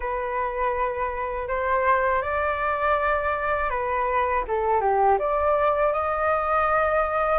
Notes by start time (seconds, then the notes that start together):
0.00 B4
1.48 C5
2.22 D5
3.70 B4
4.47 A4
4.80 G4
5.19 D5
5.92 D#5